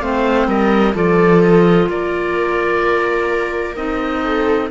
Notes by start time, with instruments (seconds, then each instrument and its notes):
0.00 cello A3, clarinet C4, viola C5, oboe F5
0.47 cello G3, viola A#4, oboe D#5
0.94 cello F3, clarinet F4, viola A4, oboe D5
1.43 oboe D#5
1.89 cello A#3, viola A#4, oboe D5
3.75 cello C4, clarinet D#4, oboe D#5
4.24 viola A4